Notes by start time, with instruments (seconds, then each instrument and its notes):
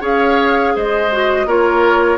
0.00 bassoon C#4, clarinet G#4, oboe C#5, flute F5
0.76 bassoon G#3, oboe C5, flute D#5
1.12 clarinet F#4
1.46 bassoon A#3, clarinet F4, oboe A#4, flute C#5